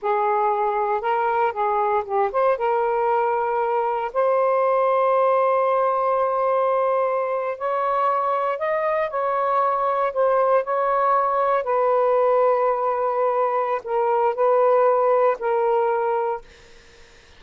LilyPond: \new Staff \with { instrumentName = "saxophone" } { \time 4/4 \tempo 4 = 117 gis'2 ais'4 gis'4 | g'8 c''8 ais'2. | c''1~ | c''2~ c''8. cis''4~ cis''16~ |
cis''8. dis''4 cis''2 c''16~ | c''8. cis''2 b'4~ b'16~ | b'2. ais'4 | b'2 ais'2 | }